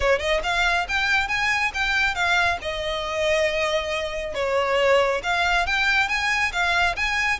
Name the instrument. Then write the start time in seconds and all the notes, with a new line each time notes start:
violin
0.00 C#5
0.19 D#5
0.43 F5
0.88 G5
1.28 G#5
1.74 G5
2.14 F5
2.61 D#5
4.34 C#5
5.23 F5
5.66 G5
6.08 G#5
6.52 F5
6.96 G#5